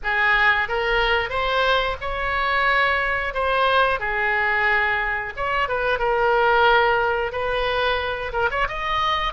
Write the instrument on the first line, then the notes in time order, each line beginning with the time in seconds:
oboe
0.03 G#4
0.68 A#4
1.29 C5
2.00 C#5
3.33 C5
3.99 G#4
5.36 C#5
5.68 B4
5.98 A#4
7.32 B4
8.32 A#4
8.51 C#5
8.68 D#5